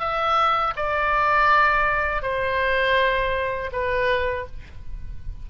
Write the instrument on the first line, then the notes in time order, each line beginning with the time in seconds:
oboe
0.00 E5
0.76 D5
2.23 C5
3.73 B4